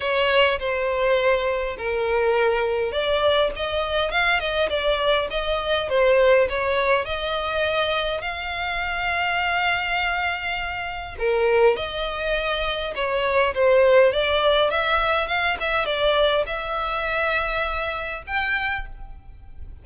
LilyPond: \new Staff \with { instrumentName = "violin" } { \time 4/4 \tempo 4 = 102 cis''4 c''2 ais'4~ | ais'4 d''4 dis''4 f''8 dis''8 | d''4 dis''4 c''4 cis''4 | dis''2 f''2~ |
f''2. ais'4 | dis''2 cis''4 c''4 | d''4 e''4 f''8 e''8 d''4 | e''2. g''4 | }